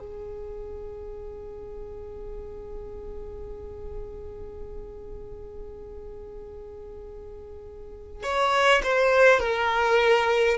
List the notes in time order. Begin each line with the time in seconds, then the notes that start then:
0.00 G#4
8.24 C#5
8.84 C5
9.41 A#4